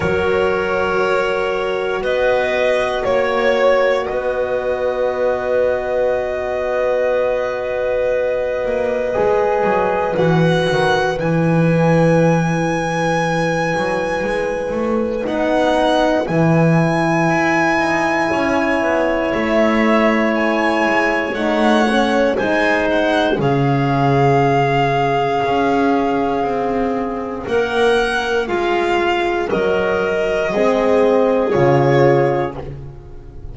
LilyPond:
<<
  \new Staff \with { instrumentName = "violin" } { \time 4/4 \tempo 4 = 59 cis''2 dis''4 cis''4 | dis''1~ | dis''2 fis''4 gis''4~ | gis''2. fis''4 |
gis''2. e''4 | gis''4 fis''4 gis''8 fis''8 f''4~ | f''2. fis''4 | f''4 dis''2 cis''4 | }
  \new Staff \with { instrumentName = "clarinet" } { \time 4/4 ais'2 b'4 cis''4 | b'1~ | b'1~ | b'1~ |
b'2 cis''2~ | cis''2 c''4 gis'4~ | gis'2. ais'4 | f'4 ais'4 gis'2 | }
  \new Staff \with { instrumentName = "horn" } { \time 4/4 fis'1~ | fis'1~ | fis'4 gis'4 fis'4 e'4~ | e'2. dis'4 |
e'1~ | e'4 dis'8 cis'8 dis'4 cis'4~ | cis'1~ | cis'2 c'4 f'4 | }
  \new Staff \with { instrumentName = "double bass" } { \time 4/4 fis2 b4 ais4 | b1~ | b8 ais8 gis8 fis8 e8 dis8 e4~ | e4. fis8 gis8 a8 b4 |
e4 e'8 dis'8 cis'8 b8 a4~ | a8 gis8 a4 gis4 cis4~ | cis4 cis'4 c'4 ais4 | gis4 fis4 gis4 cis4 | }
>>